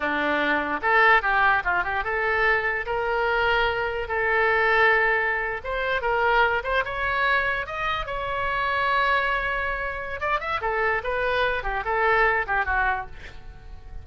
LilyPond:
\new Staff \with { instrumentName = "oboe" } { \time 4/4 \tempo 4 = 147 d'2 a'4 g'4 | f'8 g'8 a'2 ais'4~ | ais'2 a'2~ | a'4.~ a'16 c''4 ais'4~ ais'16~ |
ais'16 c''8 cis''2 dis''4 cis''16~ | cis''1~ | cis''4 d''8 e''8 a'4 b'4~ | b'8 g'8 a'4. g'8 fis'4 | }